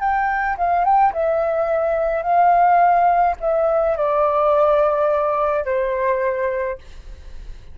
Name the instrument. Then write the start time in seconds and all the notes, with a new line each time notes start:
flute
0.00 G5
0.58 F5
0.84 G5
1.13 E5
2.23 F5
3.40 E5
3.97 D5
5.65 C5